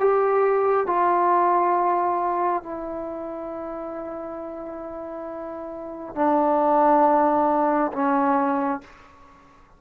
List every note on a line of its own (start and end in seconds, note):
0.00 0.87 G4
0.87 2.63 F4
2.64 6.15 E4
6.15 7.92 D4
7.93 8.81 C#4